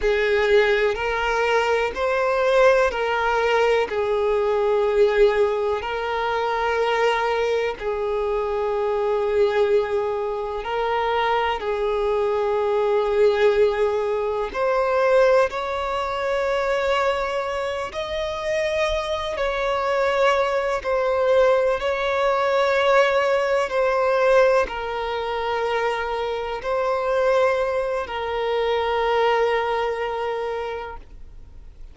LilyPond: \new Staff \with { instrumentName = "violin" } { \time 4/4 \tempo 4 = 62 gis'4 ais'4 c''4 ais'4 | gis'2 ais'2 | gis'2. ais'4 | gis'2. c''4 |
cis''2~ cis''8 dis''4. | cis''4. c''4 cis''4.~ | cis''8 c''4 ais'2 c''8~ | c''4 ais'2. | }